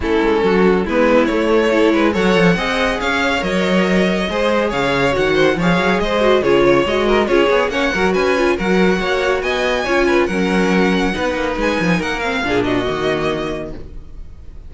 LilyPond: <<
  \new Staff \with { instrumentName = "violin" } { \time 4/4 \tempo 4 = 140 a'2 b'4 cis''4~ | cis''4 fis''2 f''4 | dis''2. f''4 | fis''4 f''4 dis''4 cis''4 |
dis''4 cis''4 fis''4 gis''4 | fis''2 gis''2 | fis''2. gis''4 | fis''8 f''4 dis''2~ dis''8 | }
  \new Staff \with { instrumentName = "violin" } { \time 4/4 e'4 fis'4 e'2 | a'8 b'8 cis''4 dis''4 cis''4~ | cis''2 c''4 cis''4~ | cis''8 c''8 cis''4 c''4 gis'8 cis''8~ |
cis''8 ais'8 gis'4 cis''8 ais'8 b'4 | ais'4 cis''4 dis''4 cis''8 b'8 | ais'2 b'2 | ais'4 gis'8 fis'2~ fis'8 | }
  \new Staff \with { instrumentName = "viola" } { \time 4/4 cis'2 b4 a4 | e'4 a'4 gis'2 | ais'2 gis'2 | fis'4 gis'4. fis'8 f'4 |
fis'4 f'8 gis'8 cis'8 fis'4 f'8 | fis'2. f'4 | cis'2 dis'2~ | dis'8 c'8 d'4 ais2 | }
  \new Staff \with { instrumentName = "cello" } { \time 4/4 a8 gis8 fis4 gis4 a4~ | a8 gis8 fis8 f8 c'4 cis'4 | fis2 gis4 cis4 | dis4 f8 fis8 gis4 cis4 |
gis4 cis'8 b8 ais8 fis8 cis'4 | fis4 ais4 b4 cis'4 | fis2 b8 ais8 gis8 f8 | ais4 ais,4 dis2 | }
>>